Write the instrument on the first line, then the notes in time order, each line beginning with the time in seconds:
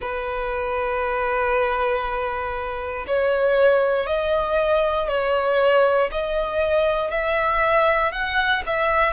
violin
0.00 B4
3.07 C#5
4.06 D#5
5.08 C#5
6.11 D#5
7.10 E5
8.11 F#5
8.66 E5